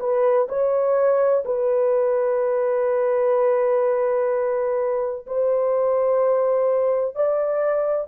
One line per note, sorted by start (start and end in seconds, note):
0.00 0.48 B4
0.49 1.44 C#5
1.45 5.26 B4
5.27 7.16 C5
7.16 8.08 D5